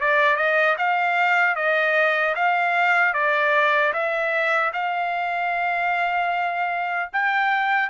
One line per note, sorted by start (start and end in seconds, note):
0.00 0.36 D5
0.36 0.75 D#5
0.77 1.55 F5
1.55 2.34 D#5
2.35 3.13 F5
3.13 3.92 D5
3.93 4.72 E5
4.73 7.10 F5
7.12 7.89 G5